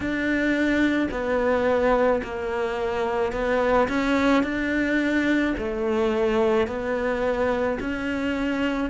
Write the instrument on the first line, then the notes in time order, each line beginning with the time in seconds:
cello
0.00 D4
1.11 B3
2.23 A#3
3.32 B3
3.88 C#4
4.43 D4
5.58 A3
6.67 B3
7.80 C#4